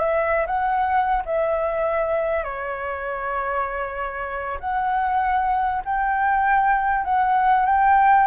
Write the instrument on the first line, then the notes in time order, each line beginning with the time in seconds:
flute
0.00 E5
0.46 F#5
1.25 E5
2.44 C#5
4.60 F#5
5.85 G5
7.04 F#5
7.65 G5